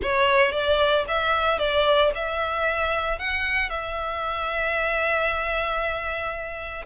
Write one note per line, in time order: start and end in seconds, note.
0.02 0.52 C#5
0.52 1.04 D5
1.08 1.58 E5
1.58 2.11 D5
2.14 3.18 E5
3.18 3.69 F#5
3.69 6.85 E5